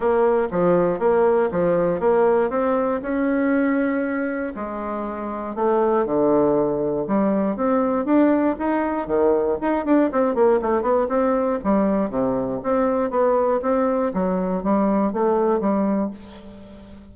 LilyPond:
\new Staff \with { instrumentName = "bassoon" } { \time 4/4 \tempo 4 = 119 ais4 f4 ais4 f4 | ais4 c'4 cis'2~ | cis'4 gis2 a4 | d2 g4 c'4 |
d'4 dis'4 dis4 dis'8 d'8 | c'8 ais8 a8 b8 c'4 g4 | c4 c'4 b4 c'4 | fis4 g4 a4 g4 | }